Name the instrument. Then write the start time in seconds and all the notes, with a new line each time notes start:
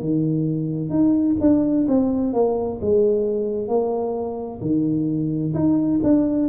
tuba
0.00 D#3
0.90 D#4
1.41 D4
1.88 C4
2.34 A#3
2.82 G#3
3.68 A#3
4.62 D#3
5.54 D#4
6.03 D4